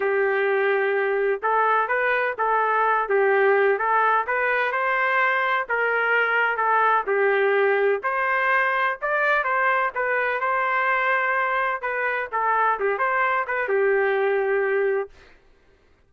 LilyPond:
\new Staff \with { instrumentName = "trumpet" } { \time 4/4 \tempo 4 = 127 g'2. a'4 | b'4 a'4. g'4. | a'4 b'4 c''2 | ais'2 a'4 g'4~ |
g'4 c''2 d''4 | c''4 b'4 c''2~ | c''4 b'4 a'4 g'8 c''8~ | c''8 b'8 g'2. | }